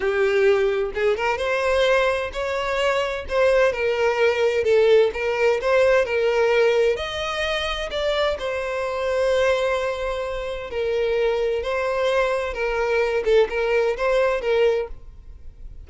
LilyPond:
\new Staff \with { instrumentName = "violin" } { \time 4/4 \tempo 4 = 129 g'2 gis'8 ais'8 c''4~ | c''4 cis''2 c''4 | ais'2 a'4 ais'4 | c''4 ais'2 dis''4~ |
dis''4 d''4 c''2~ | c''2. ais'4~ | ais'4 c''2 ais'4~ | ais'8 a'8 ais'4 c''4 ais'4 | }